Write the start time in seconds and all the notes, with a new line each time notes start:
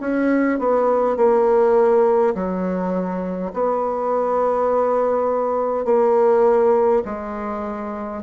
0.00 C#4
0.59 B3
1.17 A#3
2.34 F#3
3.53 B3
5.85 A#3
7.05 G#3